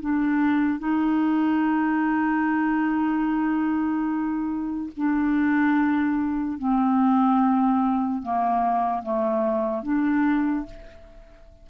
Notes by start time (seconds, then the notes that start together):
0.00 D4
0.79 D#4
4.96 D4
6.58 C4
8.22 A#3
9.02 A3
9.83 D4